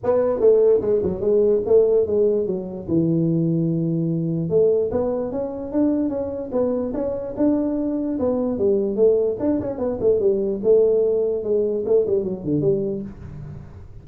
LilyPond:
\new Staff \with { instrumentName = "tuba" } { \time 4/4 \tempo 4 = 147 b4 a4 gis8 fis8 gis4 | a4 gis4 fis4 e4~ | e2. a4 | b4 cis'4 d'4 cis'4 |
b4 cis'4 d'2 | b4 g4 a4 d'8 cis'8 | b8 a8 g4 a2 | gis4 a8 g8 fis8 d8 g4 | }